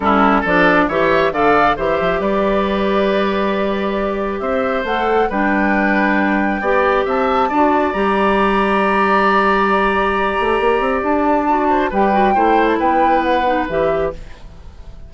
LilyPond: <<
  \new Staff \with { instrumentName = "flute" } { \time 4/4 \tempo 4 = 136 a'4 d''4 e''4 f''4 | e''4 d''2.~ | d''2 e''4 fis''4 | g''1 |
a''2 ais''2~ | ais''1~ | ais''4 a''2 g''4~ | g''8. a''16 g''4 fis''4 e''4 | }
  \new Staff \with { instrumentName = "oboe" } { \time 4/4 e'4 a'4 cis''4 d''4 | c''4 b'2.~ | b'2 c''2 | b'2. d''4 |
e''4 d''2.~ | d''1~ | d''2~ d''8 c''8 b'4 | c''4 b'2. | }
  \new Staff \with { instrumentName = "clarinet" } { \time 4/4 cis'4 d'4 g'4 a'4 | g'1~ | g'2. a'4 | d'2. g'4~ |
g'4 fis'4 g'2~ | g'1~ | g'2 fis'4 g'8 fis'8 | e'2~ e'8 dis'8 g'4 | }
  \new Staff \with { instrumentName = "bassoon" } { \time 4/4 g4 f4 e4 d4 | e8 f8 g2.~ | g2 c'4 a4 | g2. b4 |
c'4 d'4 g2~ | g2.~ g8 a8 | ais8 c'8 d'2 g4 | a4 b2 e4 | }
>>